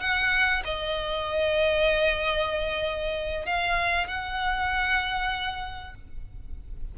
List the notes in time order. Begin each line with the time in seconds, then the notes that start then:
0.00 F#5
0.64 D#5
3.45 F5
4.07 F#5